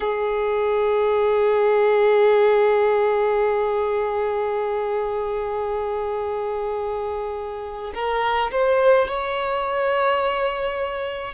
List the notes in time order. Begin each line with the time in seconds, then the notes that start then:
0.00 G#4
7.94 A#4
8.51 C5
9.08 C#5